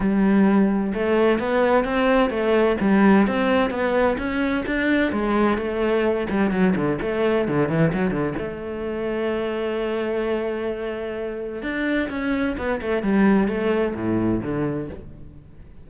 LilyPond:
\new Staff \with { instrumentName = "cello" } { \time 4/4 \tempo 4 = 129 g2 a4 b4 | c'4 a4 g4 c'4 | b4 cis'4 d'4 gis4 | a4. g8 fis8 d8 a4 |
d8 e8 fis8 d8 a2~ | a1~ | a4 d'4 cis'4 b8 a8 | g4 a4 a,4 d4 | }